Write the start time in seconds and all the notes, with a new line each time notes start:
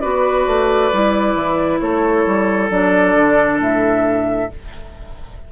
0.00 B3 F#4 B4 D5
0.47 A3
0.93 G3 E4
1.34 E3
1.80 A3 A4 C#5
2.26 G3
2.70 F#3 D4 D5
3.15 D3
3.59 A2 E5